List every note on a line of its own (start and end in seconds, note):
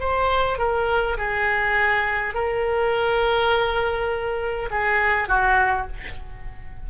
0.00 0.58 C5
0.58 1.17 A#4
1.18 2.34 G#4
2.34 4.70 A#4
4.71 5.28 G#4
5.28 5.87 F#4